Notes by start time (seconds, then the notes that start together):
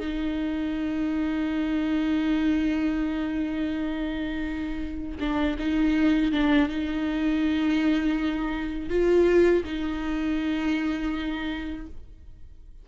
0.00 D#4
5.21 D4
5.59 D#4
6.32 D4
6.69 D#4
8.90 F4
9.65 D#4